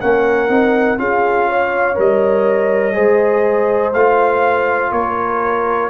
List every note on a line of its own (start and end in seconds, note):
0.00 0.49 A#3
0.00 0.48 C#4
0.00 0.99 A#4
0.00 0.98 F#5
0.48 0.98 C4
0.48 0.97 D#4
0.97 1.96 C#4
0.97 1.94 F4
0.97 1.48 G#4
0.97 1.97 F5
1.48 2.95 C#5
1.94 2.96 G3
1.94 2.93 A#4
1.94 3.93 D#5
2.93 3.93 G#3
2.93 3.91 G#4
2.93 4.91 C5
3.93 4.91 A3
3.93 5.89 F4
3.93 4.92 F5
4.91 5.89 A#3
4.91 5.89 A#4
4.91 5.89 C#5